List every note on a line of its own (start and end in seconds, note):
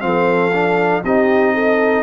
0.00 1.04 F3
0.00 0.51 C4
0.00 1.04 A4
0.00 1.02 F5
0.53 1.04 D4
1.04 2.03 C4
1.04 2.03 D#4
1.04 1.54 G4
1.04 2.03 D#5
1.54 2.03 A4